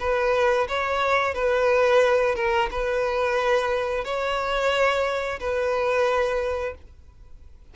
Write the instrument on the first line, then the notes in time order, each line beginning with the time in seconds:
violin
0.00 B4
0.68 C#5
1.34 B4
2.36 A#4
2.71 B4
4.05 C#5
5.40 B4